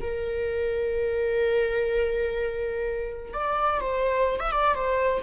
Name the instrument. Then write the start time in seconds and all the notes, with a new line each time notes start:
viola
0.00 A#4
3.33 D5
3.81 C5
4.40 E5
4.51 D5
4.74 C5